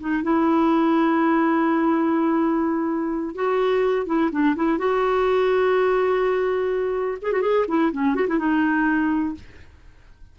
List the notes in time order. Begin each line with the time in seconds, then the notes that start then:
0.00 D#4
0.24 E4
3.35 F#4
4.07 E4
4.32 D4
4.56 E4
4.79 F#4
7.22 G#4
7.33 F#4
7.42 G#4
7.68 E4
7.93 C#4
8.15 F#4
8.28 E4
8.39 D#4